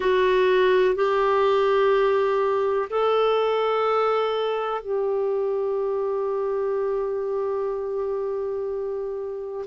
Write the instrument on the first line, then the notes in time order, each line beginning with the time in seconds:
clarinet
0.00 F#4
0.95 G4
2.90 A4
4.81 G4